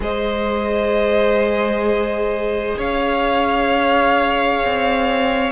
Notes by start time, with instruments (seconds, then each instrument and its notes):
0.00 cello G#3, viola G#4, violin C5 D#5
2.78 cello C#4, violin C#5 F5
4.65 cello C4